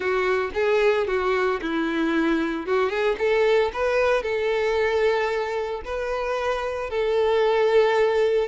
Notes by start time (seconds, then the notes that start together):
0.00 F#4
0.54 G#4
1.07 F#4
1.61 E4
2.66 F#4
2.89 G#4
3.18 A4
3.73 B4
4.22 A4
5.84 B4
6.90 A4